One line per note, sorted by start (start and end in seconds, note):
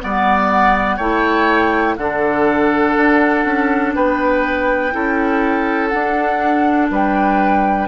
0.00 0.98 G3
0.00 0.98 B3
0.00 0.96 D5
0.00 0.97 F#5
0.96 1.97 A3
0.96 1.98 E4
0.96 1.95 C#5
0.96 1.95 G5
1.97 2.95 D3
1.97 4.92 D4
1.97 3.95 A4
1.97 3.93 F#5
2.97 3.45 D4
3.45 3.94 C#4
3.94 4.93 B3
3.94 4.93 B4
3.94 5.87 G5
4.92 5.92 C#4
4.92 5.90 E4
4.92 6.91 A4
5.87 7.87 D4
5.87 6.90 D4
5.87 6.86 F#5
6.90 7.87 G3
6.90 7.87 B4
6.90 7.87 G5